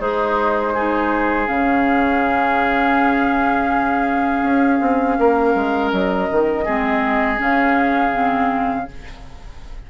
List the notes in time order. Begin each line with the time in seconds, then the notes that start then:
0.00 G#3 D#4 G#4 C5
0.74 D#4 G#4
1.46 C#3 C#4 F5
4.43 C#4
4.81 C4
5.19 A#3 A#4
5.55 G#3
5.93 F#3 D#5
6.32 D#3
6.65 G#3 C4 G#4
7.38 C#3 C#4 F5
8.13 C4